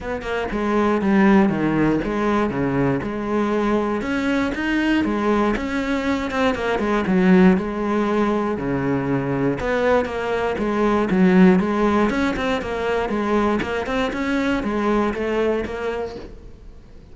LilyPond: \new Staff \with { instrumentName = "cello" } { \time 4/4 \tempo 4 = 119 b8 ais8 gis4 g4 dis4 | gis4 cis4 gis2 | cis'4 dis'4 gis4 cis'4~ | cis'8 c'8 ais8 gis8 fis4 gis4~ |
gis4 cis2 b4 | ais4 gis4 fis4 gis4 | cis'8 c'8 ais4 gis4 ais8 c'8 | cis'4 gis4 a4 ais4 | }